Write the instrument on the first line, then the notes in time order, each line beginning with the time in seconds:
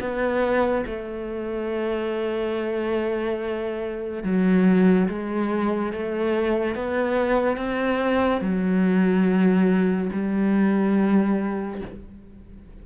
cello
0.00 B3
0.86 A3
4.23 F#3
5.09 G#3
5.93 A3
6.75 B3
7.57 C4
8.41 F#3
10.12 G3